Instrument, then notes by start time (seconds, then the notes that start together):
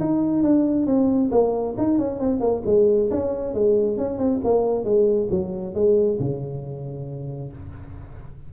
tuba
0.00 D#4
0.43 D4
0.86 C4
1.31 A#3
1.77 D#4
1.98 C#4
2.19 C4
2.40 A#3
2.66 G#3
3.11 C#4
3.54 G#3
3.97 C#4
4.18 C4
4.44 A#3
4.84 G#3
5.30 F#3
5.74 G#3
6.19 C#3